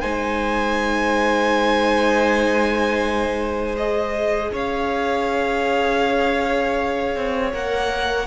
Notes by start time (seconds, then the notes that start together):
0.00 G#3 D#4 C5 G#5
3.77 G#4 D#5
4.53 C#4 C#5 F5
7.16 C4
7.53 A#3 A#4 F#5